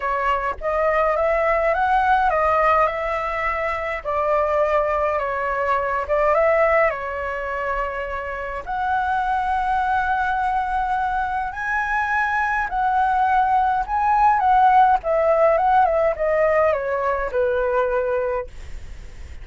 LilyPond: \new Staff \with { instrumentName = "flute" } { \time 4/4 \tempo 4 = 104 cis''4 dis''4 e''4 fis''4 | dis''4 e''2 d''4~ | d''4 cis''4. d''8 e''4 | cis''2. fis''4~ |
fis''1 | gis''2 fis''2 | gis''4 fis''4 e''4 fis''8 e''8 | dis''4 cis''4 b'2 | }